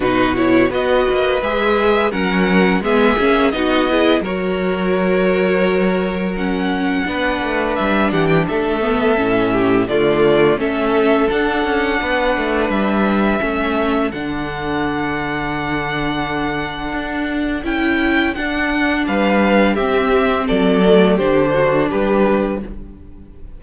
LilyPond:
<<
  \new Staff \with { instrumentName = "violin" } { \time 4/4 \tempo 4 = 85 b'8 cis''8 dis''4 e''4 fis''4 | e''4 dis''4 cis''2~ | cis''4 fis''2 e''8 fis''16 g''16 | e''2 d''4 e''4 |
fis''2 e''2 | fis''1~ | fis''4 g''4 fis''4 f''4 | e''4 d''4 c''4 b'4 | }
  \new Staff \with { instrumentName = "violin" } { \time 4/4 fis'4 b'2 ais'4 | gis'4 fis'8 gis'8 ais'2~ | ais'2 b'4. g'8 | a'4. g'8 f'4 a'4~ |
a'4 b'2 a'4~ | a'1~ | a'2. b'4 | g'4 a'4 g'8 fis'8 g'4 | }
  \new Staff \with { instrumentName = "viola" } { \time 4/4 dis'8 e'8 fis'4 gis'4 cis'4 | b8 cis'8 dis'8 e'8 fis'2~ | fis'4 cis'4 d'2~ | d'8 b8 cis'4 a4 cis'4 |
d'2. cis'4 | d'1~ | d'4 e'4 d'2 | c'4. a8 d'2 | }
  \new Staff \with { instrumentName = "cello" } { \time 4/4 b,4 b8 ais8 gis4 fis4 | gis8 ais8 b4 fis2~ | fis2 b8 a8 g8 e8 | a4 a,4 d4 a4 |
d'8 cis'8 b8 a8 g4 a4 | d1 | d'4 cis'4 d'4 g4 | c'4 fis4 d4 g4 | }
>>